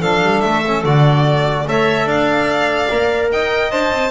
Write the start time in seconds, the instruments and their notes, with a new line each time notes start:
0.00 double bass F3, trombone D4, clarinet A4, violin F5
0.22 double bass G3
0.41 double bass A3, violin E5
0.67 trombone C#4
0.84 double bass D3, trombone F#4, violin D5
1.68 double bass A3, trombone A4, clarinet C#5, violin E5
2.05 double bass D4, clarinet D5, violin F5
2.90 double bass A#3, trombone A#4
3.32 double bass D#4, clarinet D#5, violin G5
3.71 double bass D4, trombone C5, violin A5
3.91 double bass C4